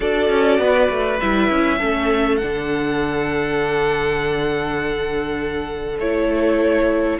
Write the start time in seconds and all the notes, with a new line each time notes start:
0.00 D4 F#4 A4 D5
0.29 C#4
0.58 B3 B4
0.89 A3
1.20 G3 E4 E5
1.50 C#4
1.77 A3 C#4 A4
2.37 D3 D4 F#5
5.99 A3 E4 C#5